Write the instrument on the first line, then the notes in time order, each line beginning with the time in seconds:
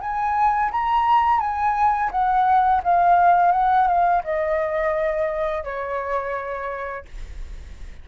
flute
0.00 G#5
0.71 A#5
1.39 G#5
2.11 F#5
2.83 F5
3.52 F#5
3.87 F5
4.24 D#5
5.63 C#5